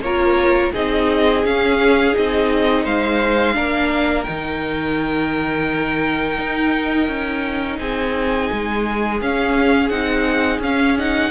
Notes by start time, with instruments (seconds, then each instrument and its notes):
0.00 cello A#3, viola F4, violin A#4 C#5
0.72 cello C4, viola D#4, violin G#4 D#5
1.44 viola C#4, cello C#4, violin F5
2.13 cello C4, viola D#4, violin D#5
2.83 cello G#3, violin C5 F5
3.54 cello A#3, viola D4, violin A#4
4.23 cello D#3, viola D#4, violin G5
6.38 cello D#4
7.07 cello C#4
7.79 cello C4, violin G#4 G#5
8.52 cello G#3
9.21 cello C#4, viola C#4, violin F5
9.88 cello C4, viola D#4, violin F#5
10.59 cello C#4, viola C#4, violin F5
10.98 viola D#4, violin F#5